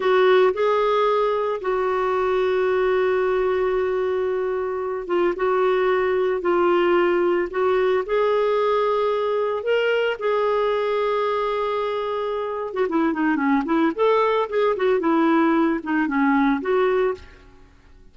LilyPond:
\new Staff \with { instrumentName = "clarinet" } { \time 4/4 \tempo 4 = 112 fis'4 gis'2 fis'4~ | fis'1~ | fis'4. f'8 fis'2 | f'2 fis'4 gis'4~ |
gis'2 ais'4 gis'4~ | gis'2.~ gis'8. fis'16 | e'8 dis'8 cis'8 e'8 a'4 gis'8 fis'8 | e'4. dis'8 cis'4 fis'4 | }